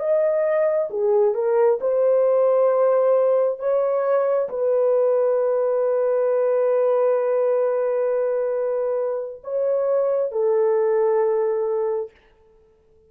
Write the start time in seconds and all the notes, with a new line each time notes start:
0.00 D#5
0.91 G#4
1.35 A#4
1.81 C5
3.60 C#5
4.49 B4
9.44 C#5
10.32 A4